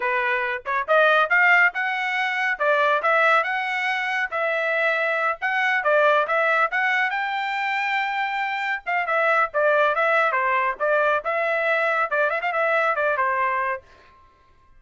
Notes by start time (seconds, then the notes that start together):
0.00 B4
0.65 C#5
0.87 D#5
1.29 F5
1.74 F#5
2.59 D5
3.02 E5
3.43 F#5
4.30 E5
5.41 F#5
5.83 D5
6.27 E5
6.71 F#5
7.10 G5
8.86 F5
9.06 E5
9.53 D5
9.95 E5
10.32 C5
10.79 D5
11.24 E5
12.10 D5
12.30 E5
12.41 F5
12.52 E5
12.95 D5
13.17 C5